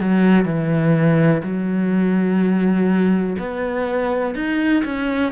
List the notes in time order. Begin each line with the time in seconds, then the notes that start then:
0.00 F#3
0.45 E3
1.43 F#3
3.38 B3
4.35 D#4
4.85 C#4